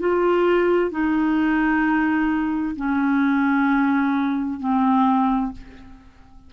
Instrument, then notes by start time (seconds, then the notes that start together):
clarinet
0.00 F4
0.91 D#4
2.76 C#4
4.60 C4